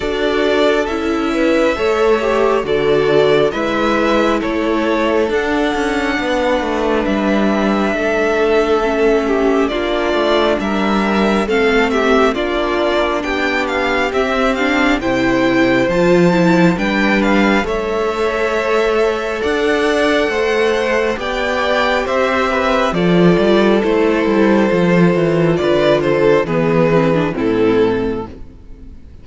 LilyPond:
<<
  \new Staff \with { instrumentName = "violin" } { \time 4/4 \tempo 4 = 68 d''4 e''2 d''4 | e''4 cis''4 fis''2 | e''2. d''4 | e''4 f''8 e''8 d''4 g''8 f''8 |
e''8 f''8 g''4 a''4 g''8 f''8 | e''2 fis''2 | g''4 e''4 d''4 c''4~ | c''4 d''8 c''8 b'4 a'4 | }
  \new Staff \with { instrumentName = "violin" } { \time 4/4 a'4. b'8 cis''4 a'4 | b'4 a'2 b'4~ | b'4 a'4. g'8 f'4 | ais'4 a'8 g'8 f'4 g'4~ |
g'4 c''2 b'4 | cis''2 d''4 c''4 | d''4 c''8 b'8 a'2~ | a'4 b'8 a'8 gis'4 e'4 | }
  \new Staff \with { instrumentName = "viola" } { \time 4/4 fis'4 e'4 a'8 g'8 fis'4 | e'2 d'2~ | d'2 cis'4 d'4~ | d'4 c'4 d'2 |
c'8 d'8 e'4 f'8 e'8 d'4 | a'1 | g'2 f'4 e'4 | f'2 b8 c'16 d'16 c'4 | }
  \new Staff \with { instrumentName = "cello" } { \time 4/4 d'4 cis'4 a4 d4 | gis4 a4 d'8 cis'8 b8 a8 | g4 a2 ais8 a8 | g4 a4 ais4 b4 |
c'4 c4 f4 g4 | a2 d'4 a4 | b4 c'4 f8 g8 a8 g8 | f8 e8 d4 e4 a,4 | }
>>